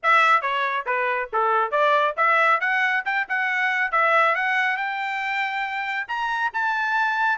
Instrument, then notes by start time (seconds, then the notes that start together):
trumpet
0.02 E5
0.41 C#5
0.86 B4
1.33 A4
1.71 D5
2.16 E5
2.60 F#5
3.05 G5
3.28 F#5
3.91 E5
4.35 F#5
4.76 G5
6.08 A#5
6.53 A5